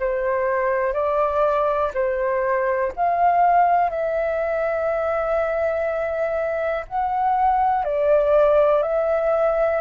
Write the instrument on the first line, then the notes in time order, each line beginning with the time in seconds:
flute
0.00 C5
0.93 D5
1.94 C5
2.96 F5
3.90 E5
6.88 F#5
7.84 D5
8.83 E5